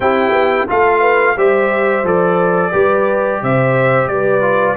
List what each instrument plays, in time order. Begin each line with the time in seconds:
0.00 tuba C4, trombone E4, horn G4, trumpet G5
0.31 tuba B3
0.68 tuba A3, trombone F4, horn A4, trumpet F5
1.00 horn B4
1.37 tuba G3, trombone G4, horn C5, trumpet E5
2.03 tuba F3, trombone A4, trumpet D5
2.71 tuba G3, trombone G4, horn B4
3.42 tuba C3, horn C5, trumpet E5
4.07 tuba G3, horn B4, trumpet D5
4.41 trombone F4